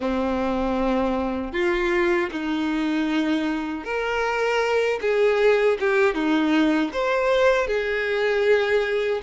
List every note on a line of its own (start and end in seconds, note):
0.00 1.52 C4
1.52 2.29 F4
2.31 3.84 D#4
3.84 4.99 A#4
5.01 5.78 G#4
5.79 6.14 G4
6.14 6.91 D#4
6.92 7.67 C5
7.67 9.21 G#4